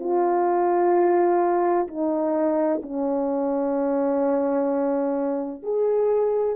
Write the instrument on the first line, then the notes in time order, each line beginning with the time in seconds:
horn
0.00 F4
1.88 D#4
2.83 C#4
5.63 G#4